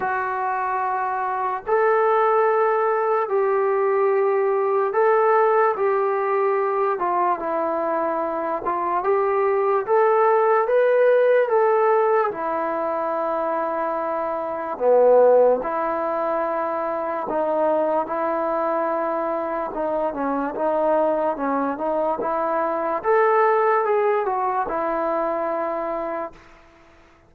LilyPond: \new Staff \with { instrumentName = "trombone" } { \time 4/4 \tempo 4 = 73 fis'2 a'2 | g'2 a'4 g'4~ | g'8 f'8 e'4. f'8 g'4 | a'4 b'4 a'4 e'4~ |
e'2 b4 e'4~ | e'4 dis'4 e'2 | dis'8 cis'8 dis'4 cis'8 dis'8 e'4 | a'4 gis'8 fis'8 e'2 | }